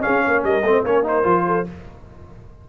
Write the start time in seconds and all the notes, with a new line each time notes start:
0.00 C#4 G#4 F5
0.07 C#4
0.22 A#3 C#5
0.44 G3 A#4 D#5
0.63 A3 C4 C5
0.83 A#3 C#4 A#4 C#5
1.03 D#4 C5
1.23 F3 F4
1.47 A4